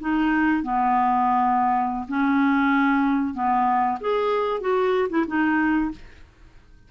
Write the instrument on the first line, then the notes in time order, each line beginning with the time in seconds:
clarinet
0.00 D#4
0.63 B3
2.08 C#4
3.34 B3
4.00 G#4
4.60 F#4
5.09 E4
5.27 D#4